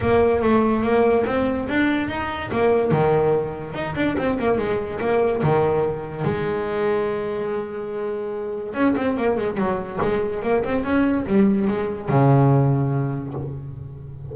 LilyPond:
\new Staff \with { instrumentName = "double bass" } { \time 4/4 \tempo 4 = 144 ais4 a4 ais4 c'4 | d'4 dis'4 ais4 dis4~ | dis4 dis'8 d'8 c'8 ais8 gis4 | ais4 dis2 gis4~ |
gis1~ | gis4 cis'8 c'8 ais8 gis8 fis4 | gis4 ais8 c'8 cis'4 g4 | gis4 cis2. | }